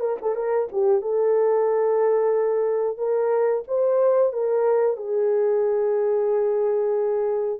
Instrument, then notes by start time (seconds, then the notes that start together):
horn
0.00 A#4
0.22 A4
0.35 A#4
0.72 G4
1.02 A4
2.98 A#4
3.67 C5
4.33 A#4
4.97 G#4